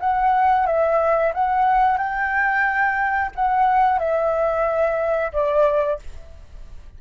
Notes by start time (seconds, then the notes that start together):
0.00 F#5
0.66 E5
1.34 F#5
1.98 G5
3.35 F#5
3.98 E5
5.32 D5